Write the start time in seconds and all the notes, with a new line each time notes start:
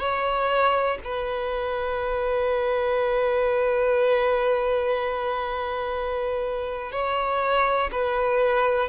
0.00 C#5
1.04 B4
6.92 C#5
7.92 B4